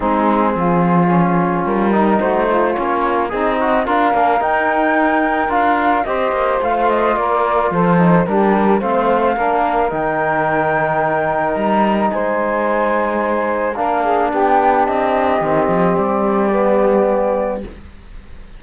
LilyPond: <<
  \new Staff \with { instrumentName = "flute" } { \time 4/4 \tempo 4 = 109 gis'2. ais'4 | c''4 cis''4 dis''4 f''4 | g''2 f''4 dis''4 | f''8 dis''8 d''4 c''4 ais'4 |
f''2 g''2~ | g''4 ais''4 gis''2~ | gis''4 f''4 g''4 dis''4~ | dis''4 d''2. | }
  \new Staff \with { instrumentName = "saxophone" } { \time 4/4 dis'4 f'2~ f'8 dis'8 | fis'8 f'4. dis'4 ais'4~ | ais'2. c''4~ | c''4 ais'4 a'4 g'4 |
c''4 ais'2.~ | ais'2 c''2~ | c''4 ais'8 gis'8 g'2~ | g'1 | }
  \new Staff \with { instrumentName = "trombone" } { \time 4/4 c'2 cis'4. dis'8~ | dis'4 cis'4 gis'8 fis'8 f'8 d'8 | dis'2 f'4 g'4 | f'2~ f'8 dis'8 d'4 |
c'4 d'4 dis'2~ | dis'1~ | dis'4 d'2. | c'2 b2 | }
  \new Staff \with { instrumentName = "cello" } { \time 4/4 gis4 f2 g4 | a4 ais4 c'4 d'8 ais8 | dis'2 d'4 c'8 ais8 | a4 ais4 f4 g4 |
a4 ais4 dis2~ | dis4 g4 gis2~ | gis4 ais4 b4 c'4 | dis8 f8 g2. | }
>>